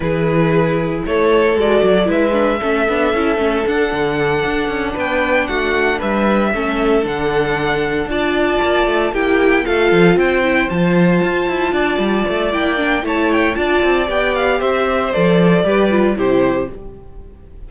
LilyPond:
<<
  \new Staff \with { instrumentName = "violin" } { \time 4/4 \tempo 4 = 115 b'2 cis''4 d''4 | e''2. fis''4~ | fis''4. g''4 fis''4 e''8~ | e''4. fis''2 a''8~ |
a''4. g''4 f''4 g''8~ | g''8 a''2.~ a''8 | g''4 a''8 g''8 a''4 g''8 f''8 | e''4 d''2 c''4 | }
  \new Staff \with { instrumentName = "violin" } { \time 4/4 gis'2 a'2 | b'4 a'2.~ | a'4. b'4 fis'4 b'8~ | b'8 a'2. d''8~ |
d''4. g'4 a'4 c''8~ | c''2~ c''8 d''4.~ | d''4 cis''4 d''2 | c''2 b'4 g'4 | }
  \new Staff \with { instrumentName = "viola" } { \time 4/4 e'2. fis'4 | e'8 d'8 cis'8 d'8 e'8 cis'8 d'4~ | d'1~ | d'8 cis'4 d'2 f'8~ |
f'4. e'4 f'4. | e'8 f'2.~ f'8 | e'8 d'8 e'4 f'4 g'4~ | g'4 a'4 g'8 f'8 e'4 | }
  \new Staff \with { instrumentName = "cello" } { \time 4/4 e2 a4 gis8 fis8 | gis4 a8 b8 cis'8 a8 d'8 d8~ | d8 d'8 cis'8 b4 a4 g8~ | g8 a4 d2 d'8~ |
d'8 ais8 a8 ais4 a8 f8 c'8~ | c'8 f4 f'8 e'8 d'8 g8 a8 | ais4 a4 d'8 c'8 b4 | c'4 f4 g4 c4 | }
>>